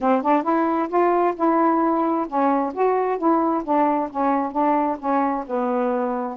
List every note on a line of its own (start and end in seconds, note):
0.00 0.22 C4
0.22 0.43 D4
0.43 0.88 E4
0.88 1.34 F4
1.36 2.27 E4
2.27 2.73 C#4
2.74 3.18 F#4
3.18 3.63 E4
3.64 4.09 D4
4.10 4.51 C#4
4.51 4.97 D4
4.99 5.44 C#4
5.46 6.37 B3